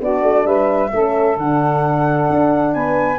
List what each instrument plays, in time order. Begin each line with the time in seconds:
0.00 tuba B3, horn D4, saxophone F#4, flute D5
0.22 tuba A3
0.45 tuba G3, saxophone B4, flute E5
0.93 tuba A3, horn C#4, saxophone A4
1.37 tuba D3, horn D4, flute F#5
2.30 tuba D4
2.74 tuba B3, saxophone B4, flute G#5